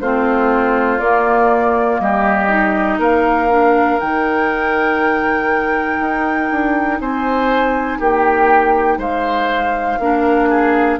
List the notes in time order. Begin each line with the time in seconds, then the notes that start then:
0.00 A3 C4 F4 C5
0.99 A#3 D5
1.99 G3 G4 D#5
2.48 D#4
2.98 A#3 A#4 F5
3.49 D4
3.99 D#3 D#4 G5
6.00 D#4
6.51 D4
7.00 C4 C5 G#5
7.99 A#3 G4 G5
8.97 G#3 C5 F5
9.99 A#3 D4 A#4
10.49 G#4